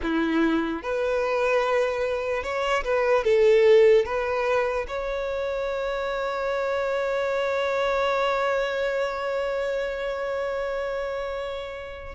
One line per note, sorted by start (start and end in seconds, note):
0.02 0.82 E4
0.82 2.43 B4
2.43 2.83 C#5
2.83 3.24 B4
3.24 4.05 A4
4.05 4.86 B4
4.87 12.15 C#5